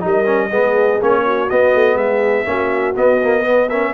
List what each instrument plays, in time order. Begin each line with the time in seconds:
0.00 tuba G3, trombone D#4, horn A#4
0.06 trumpet D#5
0.26 trombone C#4
0.49 tuba G#3, trombone B3, horn G#4
1.01 tuba A#3, trombone C#4, trumpet C#5
1.25 horn F#4
1.50 tuba B3, trombone B3, trumpet D#5
1.75 tuba A3
1.95 tuba G#3, horn G#4, trumpet E5
2.45 tuba A#3, trombone C#4, horn F#4
2.96 trombone B3, tuba B3, trumpet D#5
3.23 trombone A#3
3.42 trombone B3, horn B4
3.68 trombone C#4, horn A#4, trumpet E5